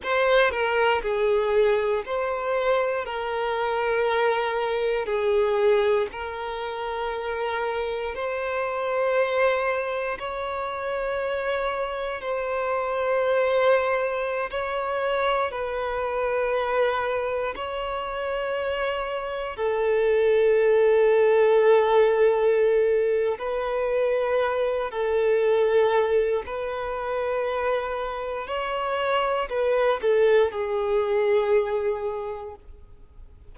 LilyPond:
\new Staff \with { instrumentName = "violin" } { \time 4/4 \tempo 4 = 59 c''8 ais'8 gis'4 c''4 ais'4~ | ais'4 gis'4 ais'2 | c''2 cis''2 | c''2~ c''16 cis''4 b'8.~ |
b'4~ b'16 cis''2 a'8.~ | a'2. b'4~ | b'8 a'4. b'2 | cis''4 b'8 a'8 gis'2 | }